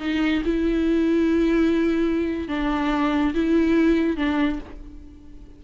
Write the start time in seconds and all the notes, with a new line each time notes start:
0.00 D#4
0.45 E4
2.49 D4
3.35 E4
4.17 D4